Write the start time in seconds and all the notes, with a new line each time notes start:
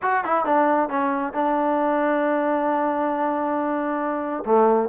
0.02 F#4
0.24 E4
0.45 D4
0.89 C#4
1.33 D4
4.45 A3